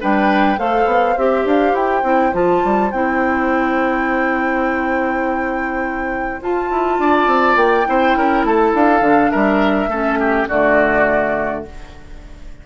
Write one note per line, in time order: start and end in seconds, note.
0.00 0.58 G3
0.00 0.57 D4
0.00 0.58 B4
0.00 0.59 G5
0.57 0.85 A3
0.57 1.15 A4
0.57 7.00 C5
0.57 1.17 F5
0.85 1.14 B3
1.17 1.45 C4
1.17 2.03 G4
1.17 1.46 E5
1.45 1.73 D4
1.45 1.75 F5
1.73 2.02 E4
1.73 2.33 G5
2.03 2.32 C4
2.03 2.32 E4
2.32 2.62 F3
2.32 2.90 F4
2.32 2.91 A5
2.64 2.92 G3
2.91 6.41 C4
2.91 6.42 E4
2.91 6.41 G5
6.42 6.70 F4
6.42 7.85 F4
6.42 7.56 A5
6.70 6.98 E4
6.98 7.26 D4
6.98 7.87 D5
7.26 7.55 C4
7.55 7.85 A#3
7.55 8.44 G5
7.85 8.16 C4
7.85 9.02 E4
7.85 8.17 C5
8.16 8.44 C#4
8.16 8.46 A#4
8.44 8.73 A3
8.44 9.31 A4
8.44 8.74 A5
8.73 9.00 D4
8.73 9.31 F5
9.00 9.29 D3
9.00 9.89 D4
9.31 9.87 G3
9.31 9.89 A#4
9.31 10.47 E5
9.87 10.45 A3
9.87 10.49 C#4
9.87 10.18 A4
10.19 10.48 G4
10.48 11.65 D3
10.48 11.66 A3
10.48 11.64 F#4
10.48 11.64 D5